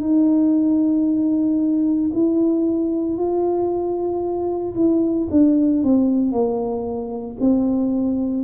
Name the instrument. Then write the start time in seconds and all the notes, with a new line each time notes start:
tuba
0.00 D#4
2.13 E4
3.17 F4
4.75 E4
5.30 D4
5.83 C4
6.31 A#3
7.40 C4